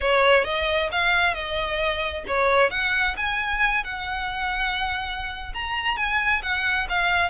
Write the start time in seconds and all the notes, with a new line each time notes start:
0.00 C#5
0.44 D#5
0.91 F5
1.33 D#5
2.27 C#5
2.70 F#5
3.16 G#5
3.83 F#5
5.54 A#5
5.97 G#5
6.42 F#5
6.89 F5